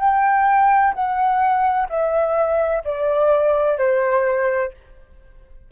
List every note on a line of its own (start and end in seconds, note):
0.00 0.94 G5
0.94 1.88 F#5
1.90 2.83 E5
2.85 3.78 D5
3.78 4.72 C5